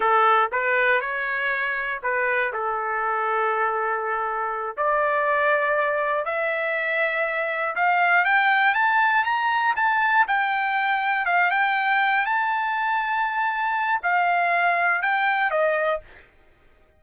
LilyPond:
\new Staff \with { instrumentName = "trumpet" } { \time 4/4 \tempo 4 = 120 a'4 b'4 cis''2 | b'4 a'2.~ | a'4. d''2~ d''8~ | d''8 e''2. f''8~ |
f''8 g''4 a''4 ais''4 a''8~ | a''8 g''2 f''8 g''4~ | g''8 a''2.~ a''8 | f''2 g''4 dis''4 | }